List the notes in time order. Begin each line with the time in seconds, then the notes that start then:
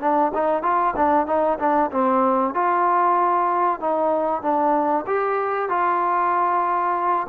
0.00 D4
0.34 D#4
0.63 F4
0.96 D4
1.27 D#4
1.59 D4
1.91 C4
2.54 F4
3.80 D#4
4.42 D4
5.07 G4
5.69 F4